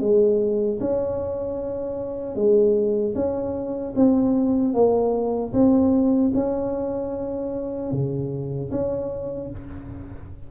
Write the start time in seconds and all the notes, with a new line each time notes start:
0.00 G#3
0.80 C#4
2.35 G#3
3.15 C#4
3.95 C4
4.73 A#3
5.53 C4
6.34 C#4
7.92 C#3
8.71 C#4